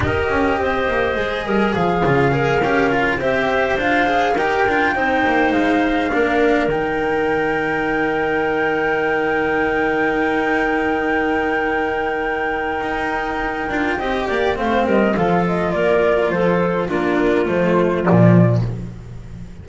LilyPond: <<
  \new Staff \with { instrumentName = "flute" } { \time 4/4 \tempo 4 = 103 dis''2. f''4~ | f''4. e''4 f''4 g''8~ | g''4. f''2 g''8~ | g''1~ |
g''1~ | g''1~ | g''4 f''8 dis''8 f''8 dis''8 d''4 | c''4 ais'4 c''4 d''4 | }
  \new Staff \with { instrumentName = "clarinet" } { \time 4/4 ais'4 c''4. ais'8 gis'4 | ais'4. c''2 ais'8~ | ais'8 c''2 ais'4.~ | ais'1~ |
ais'1~ | ais'1 | dis''8 d''8 c''8 ais'8 a'4 ais'4 | a'4 f'2. | }
  \new Staff \with { instrumentName = "cello" } { \time 4/4 g'2 gis'4. f'8 | gis'8 g'8 f'8 g'4 f'8 gis'8 g'8 | f'8 dis'2 d'4 dis'8~ | dis'1~ |
dis'1~ | dis'2.~ dis'8 f'8 | g'4 c'4 f'2~ | f'4 d'4 a4 f4 | }
  \new Staff \with { instrumentName = "double bass" } { \time 4/4 dis'8 cis'8 c'8 ais8 gis8 g8 f8 cis8~ | cis8 cis'4 c'4 d'4 dis'8 | d'8 c'8 ais8 gis4 ais4 dis8~ | dis1~ |
dis1~ | dis2 dis'4. d'8 | c'8 ais8 a8 g8 f4 ais4 | f4 ais4 f4 ais,4 | }
>>